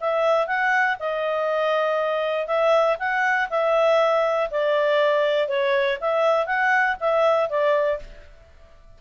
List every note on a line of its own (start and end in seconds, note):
0.00 0.47 E5
0.47 0.97 F#5
0.99 2.47 D#5
2.47 2.97 E5
2.99 3.49 F#5
3.50 4.50 E5
4.51 5.48 D5
5.48 5.98 C#5
6.00 6.46 E5
6.46 6.96 F#5
7.00 7.49 E5
7.49 7.99 D5